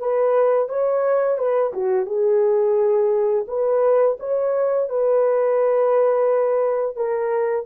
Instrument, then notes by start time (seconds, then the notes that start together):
horn
0.00 B4
0.69 C#5
1.39 B4
1.74 F#4
2.06 G#4
3.48 B4
4.20 C#5
4.90 B4
6.96 A#4